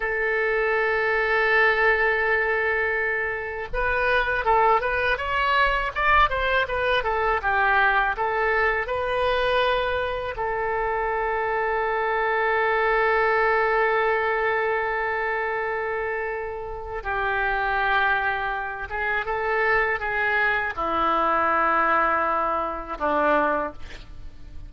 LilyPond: \new Staff \with { instrumentName = "oboe" } { \time 4/4 \tempo 4 = 81 a'1~ | a'4 b'4 a'8 b'8 cis''4 | d''8 c''8 b'8 a'8 g'4 a'4 | b'2 a'2~ |
a'1~ | a'2. g'4~ | g'4. gis'8 a'4 gis'4 | e'2. d'4 | }